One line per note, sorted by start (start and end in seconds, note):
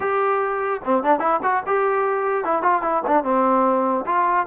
0.00 0.80 G4
0.84 1.03 C4
1.03 1.19 D4
1.19 1.39 E4
1.42 1.63 F#4
1.66 2.44 G4
2.44 2.62 E4
2.62 2.82 F4
2.82 3.02 E4
3.06 3.23 D4
3.23 4.04 C4
4.06 4.46 F4